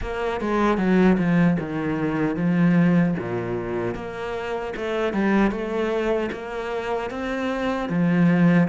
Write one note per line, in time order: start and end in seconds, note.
0.01 0.40 A#3
0.41 0.77 G#3
0.77 1.17 F#3
1.17 1.57 F3
1.59 2.35 D#3
2.35 3.14 F3
3.18 3.94 A#2
3.94 4.73 A#3
4.76 5.13 A3
5.13 5.50 G3
5.50 6.29 A3
6.32 7.10 A#3
7.10 7.89 C4
7.89 8.68 F3